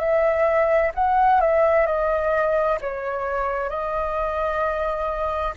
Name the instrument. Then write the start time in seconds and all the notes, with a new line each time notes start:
flute
0.00 E5
0.95 F#5
1.41 E5
1.87 D#5
2.82 C#5
3.70 D#5